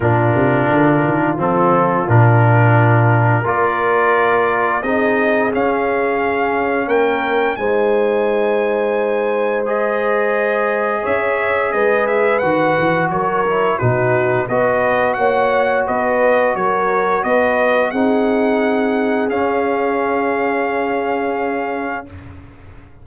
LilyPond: <<
  \new Staff \with { instrumentName = "trumpet" } { \time 4/4 \tempo 4 = 87 ais'2 a'4 ais'4~ | ais'4 d''2 dis''4 | f''2 g''4 gis''4~ | gis''2 dis''2 |
e''4 dis''8 e''8 fis''4 cis''4 | b'4 dis''4 fis''4 dis''4 | cis''4 dis''4 fis''2 | f''1 | }
  \new Staff \with { instrumentName = "horn" } { \time 4/4 f'1~ | f'4 ais'2 gis'4~ | gis'2 ais'4 c''4~ | c''1 |
cis''4 b'2 ais'4 | fis'4 b'4 cis''4 b'4 | ais'4 b'4 gis'2~ | gis'1 | }
  \new Staff \with { instrumentName = "trombone" } { \time 4/4 d'2 c'4 d'4~ | d'4 f'2 dis'4 | cis'2. dis'4~ | dis'2 gis'2~ |
gis'2 fis'4. e'8 | dis'4 fis'2.~ | fis'2 dis'2 | cis'1 | }
  \new Staff \with { instrumentName = "tuba" } { \time 4/4 ais,8 c8 d8 dis8 f4 ais,4~ | ais,4 ais2 c'4 | cis'2 ais4 gis4~ | gis1 |
cis'4 gis4 dis8 e8 fis4 | b,4 b4 ais4 b4 | fis4 b4 c'2 | cis'1 | }
>>